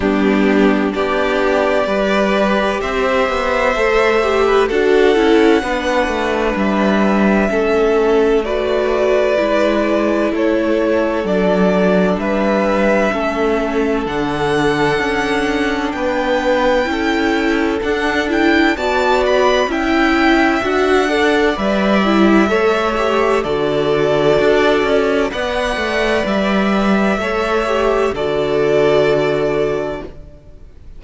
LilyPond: <<
  \new Staff \with { instrumentName = "violin" } { \time 4/4 \tempo 4 = 64 g'4 d''2 e''4~ | e''4 fis''2 e''4~ | e''4 d''2 cis''4 | d''4 e''2 fis''4~ |
fis''4 g''2 fis''8 g''8 | a''8 b''8 g''4 fis''4 e''4~ | e''4 d''2 fis''4 | e''2 d''2 | }
  \new Staff \with { instrumentName = "violin" } { \time 4/4 d'4 g'4 b'4 c''4~ | c''8. b'16 a'4 b'2 | a'4 b'2 a'4~ | a'4 b'4 a'2~ |
a'4 b'4 a'2 | d''4 e''4. d''4. | cis''4 a'2 d''4~ | d''4 cis''4 a'2 | }
  \new Staff \with { instrumentName = "viola" } { \time 4/4 b4 d'4 g'2 | a'8 g'8 fis'8 e'8 d'2 | cis'4 fis'4 e'2 | d'2 cis'4 d'4~ |
d'2 e'4 d'8 e'8 | fis'4 e'4 fis'8 a'8 b'8 e'8 | a'8 g'8 fis'2 b'4~ | b'4 a'8 g'8 fis'2 | }
  \new Staff \with { instrumentName = "cello" } { \time 4/4 g4 b4 g4 c'8 b8 | a4 d'8 cis'8 b8 a8 g4 | a2 gis4 a4 | fis4 g4 a4 d4 |
cis'4 b4 cis'4 d'4 | b4 cis'4 d'4 g4 | a4 d4 d'8 cis'8 b8 a8 | g4 a4 d2 | }
>>